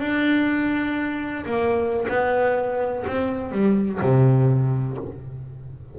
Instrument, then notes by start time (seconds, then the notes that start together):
double bass
0.00 D4
1.46 A#3
2.09 B3
3.07 C4
3.52 G3
4.01 C3